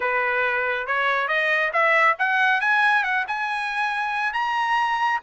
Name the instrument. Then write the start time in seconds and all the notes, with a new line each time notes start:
trumpet
0.00 B4
0.87 C#5
1.28 D#5
1.73 E5
2.18 F#5
2.61 G#5
3.03 F#5
3.27 G#5
4.33 A#5